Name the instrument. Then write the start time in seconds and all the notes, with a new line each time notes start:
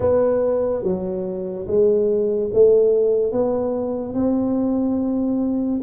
tuba
0.00 B3
0.83 F#3
1.67 G#3
2.53 A3
3.31 B3
4.14 C4